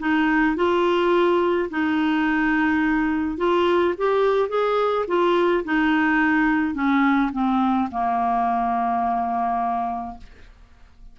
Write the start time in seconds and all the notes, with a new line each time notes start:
0.00 D#4
0.56 F4
1.71 D#4
3.38 F4
3.98 G4
4.49 G#4
5.08 F4
5.65 D#4
6.75 C#4
7.33 C4
7.92 A#3